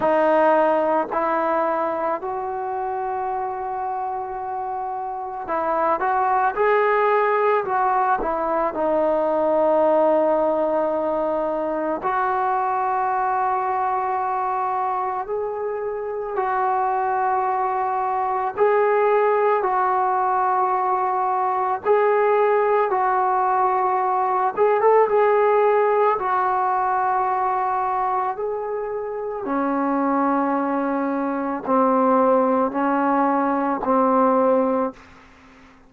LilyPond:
\new Staff \with { instrumentName = "trombone" } { \time 4/4 \tempo 4 = 55 dis'4 e'4 fis'2~ | fis'4 e'8 fis'8 gis'4 fis'8 e'8 | dis'2. fis'4~ | fis'2 gis'4 fis'4~ |
fis'4 gis'4 fis'2 | gis'4 fis'4. gis'16 a'16 gis'4 | fis'2 gis'4 cis'4~ | cis'4 c'4 cis'4 c'4 | }